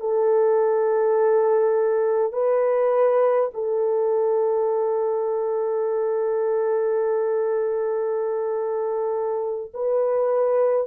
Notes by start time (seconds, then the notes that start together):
0.00 A4
2.33 B4
3.53 A4
9.74 B4